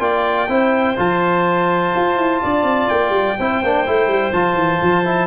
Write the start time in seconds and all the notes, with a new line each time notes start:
0.00 A#3 F4 D5 G5
0.48 C4 E4 C5
0.97 F3 F4 A5
1.96 F4
2.17 E4
2.42 D4 D5
2.63 C4
2.89 A#3 G5
3.10 G3
3.39 C4 E4 C5
3.63 A#3 D4
3.87 A3 E4
4.07 G3
4.33 F3 F4 A5
4.55 E3
4.82 F3
5.05 E4